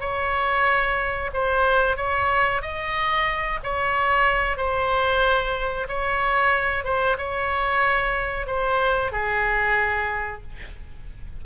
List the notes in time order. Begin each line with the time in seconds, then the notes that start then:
0.00 C#5
1.33 C5
1.97 C#5
2.62 D#5
3.63 C#5
4.57 C5
5.88 C#5
6.84 C5
7.18 C#5
8.47 C5
9.12 G#4